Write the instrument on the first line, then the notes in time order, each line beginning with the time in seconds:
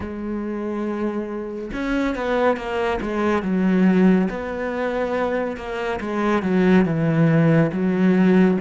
cello
0.00 G#3
1.73 C#4
2.15 B3
2.56 A#3
3.01 G#3
3.42 F#3
4.29 B3
5.56 A#3
6.00 G#3
6.42 F#3
6.85 E3
7.71 F#3